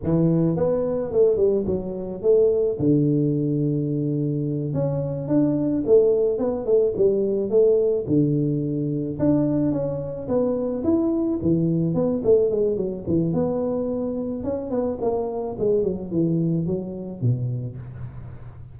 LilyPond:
\new Staff \with { instrumentName = "tuba" } { \time 4/4 \tempo 4 = 108 e4 b4 a8 g8 fis4 | a4 d2.~ | d8 cis'4 d'4 a4 b8 | a8 g4 a4 d4.~ |
d8 d'4 cis'4 b4 e'8~ | e'8 e4 b8 a8 gis8 fis8 e8 | b2 cis'8 b8 ais4 | gis8 fis8 e4 fis4 b,4 | }